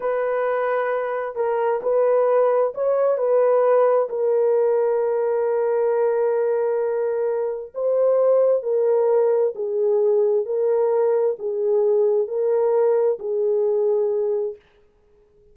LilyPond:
\new Staff \with { instrumentName = "horn" } { \time 4/4 \tempo 4 = 132 b'2. ais'4 | b'2 cis''4 b'4~ | b'4 ais'2.~ | ais'1~ |
ais'4 c''2 ais'4~ | ais'4 gis'2 ais'4~ | ais'4 gis'2 ais'4~ | ais'4 gis'2. | }